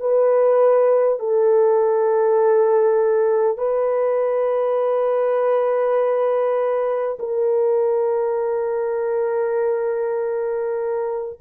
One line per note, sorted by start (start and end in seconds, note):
0.00 1.19 B4
1.19 3.58 A4
3.58 7.18 B4
7.19 11.39 A#4